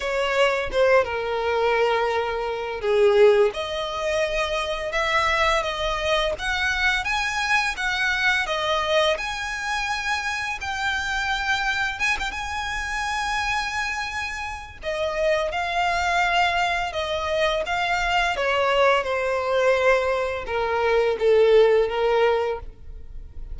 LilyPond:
\new Staff \with { instrumentName = "violin" } { \time 4/4 \tempo 4 = 85 cis''4 c''8 ais'2~ ais'8 | gis'4 dis''2 e''4 | dis''4 fis''4 gis''4 fis''4 | dis''4 gis''2 g''4~ |
g''4 gis''16 g''16 gis''2~ gis''8~ | gis''4 dis''4 f''2 | dis''4 f''4 cis''4 c''4~ | c''4 ais'4 a'4 ais'4 | }